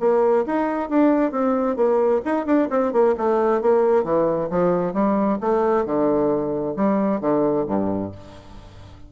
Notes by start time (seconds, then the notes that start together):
0.00 A#3
0.46 D#4
0.89 D4
1.31 C4
1.76 A#3
2.25 D#4
2.46 D4
2.70 C4
2.92 A#3
3.17 A3
3.62 A#3
4.04 E3
4.50 F3
4.93 G3
5.41 A3
5.85 D3
6.76 G3
7.21 D3
7.67 G2